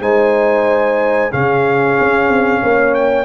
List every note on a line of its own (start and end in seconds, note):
0.00 1.30 G#3
0.00 1.31 D#4
0.00 1.31 C5
0.00 1.32 G#5
1.31 1.99 C#3
1.31 3.26 C#4
1.31 2.62 G#4
1.31 2.95 F5
2.00 2.29 C#4
2.29 2.62 C4
2.63 3.26 A#3
2.63 3.26 C#5
2.95 3.26 G5